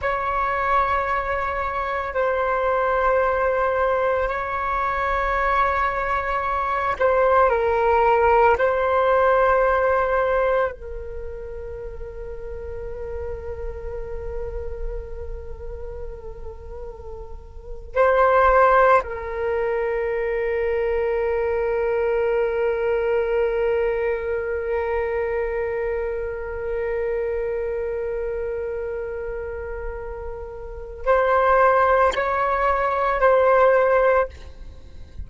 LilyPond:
\new Staff \with { instrumentName = "flute" } { \time 4/4 \tempo 4 = 56 cis''2 c''2 | cis''2~ cis''8 c''8 ais'4 | c''2 ais'2~ | ais'1~ |
ais'8. c''4 ais'2~ ais'16~ | ais'1~ | ais'1~ | ais'4 c''4 cis''4 c''4 | }